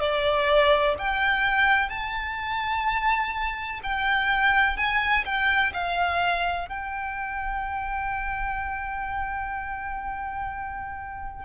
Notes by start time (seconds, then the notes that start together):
0.00 D5
0.98 G5
1.90 A5
3.83 G5
4.77 G#5
5.25 G5
5.73 F5
6.69 G5